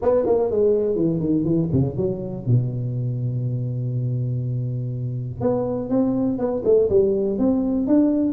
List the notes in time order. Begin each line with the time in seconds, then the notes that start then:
0.02 B3
0.26 A#3
0.50 G#3
0.95 E3
1.20 D#3
1.44 E3
1.72 C#3
1.96 F#3
2.46 B2
5.40 B3
5.89 C4
6.38 B3
6.64 A3
6.89 G3
7.38 C4
7.87 D4